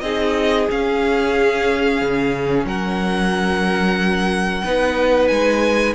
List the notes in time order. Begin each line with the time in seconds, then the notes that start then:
0.00 C4 D#4 G#4 D#5
0.69 C#4 F5
2.01 C#3
2.64 F#3 A#4 F#5
4.64 B3 D#4 B4
5.27 G#3 G#5